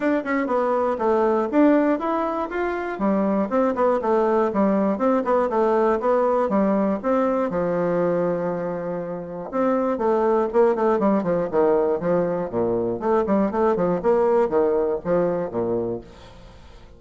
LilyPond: \new Staff \with { instrumentName = "bassoon" } { \time 4/4 \tempo 4 = 120 d'8 cis'8 b4 a4 d'4 | e'4 f'4 g4 c'8 b8 | a4 g4 c'8 b8 a4 | b4 g4 c'4 f4~ |
f2. c'4 | a4 ais8 a8 g8 f8 dis4 | f4 ais,4 a8 g8 a8 f8 | ais4 dis4 f4 ais,4 | }